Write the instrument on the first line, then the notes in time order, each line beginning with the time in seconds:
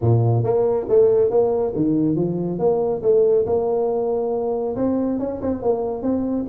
tuba
0.01 A#2
0.43 A#3
0.88 A3
1.30 A#3
1.75 D#3
2.15 F3
2.58 A#3
3.02 A3
3.46 A#3
4.76 C4
5.19 C#4
5.41 C4
5.61 A#3
6.02 C4